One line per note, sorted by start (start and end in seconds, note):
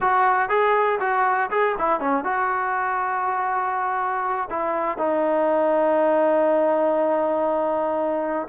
0.00 0.49 F#4
0.49 0.99 G#4
1.00 1.50 F#4
1.50 1.75 G#4
1.78 2.00 E4
2.00 2.23 C#4
2.23 4.48 F#4
4.50 4.97 E4
4.97 8.47 D#4